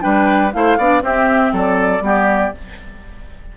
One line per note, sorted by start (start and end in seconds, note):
0.00 0.54 G3
0.00 0.50 D4
0.00 0.53 B4
0.00 0.51 G5
0.53 0.78 A3
0.53 0.78 E4
0.53 0.78 C5
0.53 1.03 F5
0.78 1.02 B3
0.78 1.00 D4
0.78 1.02 D5
1.00 2.00 C4
1.00 1.52 C4
1.00 1.52 G4
1.00 1.54 E5
1.52 2.01 F#3
1.52 2.02 A4
1.52 2.57 D5
2.01 2.51 G3
2.01 2.52 B3
2.01 2.54 G4